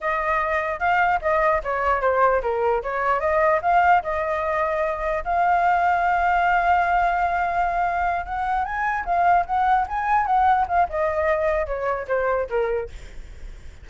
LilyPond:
\new Staff \with { instrumentName = "flute" } { \time 4/4 \tempo 4 = 149 dis''2 f''4 dis''4 | cis''4 c''4 ais'4 cis''4 | dis''4 f''4 dis''2~ | dis''4 f''2.~ |
f''1~ | f''8 fis''4 gis''4 f''4 fis''8~ | fis''8 gis''4 fis''4 f''8 dis''4~ | dis''4 cis''4 c''4 ais'4 | }